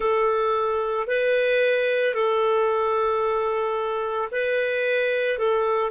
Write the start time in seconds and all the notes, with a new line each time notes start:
0.00 A4
1.07 B4
2.14 A4
4.31 B4
5.38 A4